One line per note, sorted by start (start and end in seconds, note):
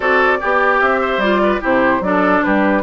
0.00 0.39 C4
0.00 0.39 F#4
0.00 0.38 A4
0.00 0.80 D5
0.40 0.81 B3
0.40 1.01 G4
0.40 1.21 G4
0.80 1.17 C4
0.80 1.20 E5
1.01 1.41 C5
1.17 1.58 G3
1.17 1.60 F4
1.17 1.60 D5
1.43 1.61 B4
1.60 2.00 C3
1.60 2.00 E4
1.60 2.01 G4
1.60 2.03 C5
2.00 2.40 F#3
2.00 2.82 D4
2.00 2.45 A4
2.00 2.43 D5
2.43 2.82 G3
2.43 2.82 G4
2.43 2.82 B4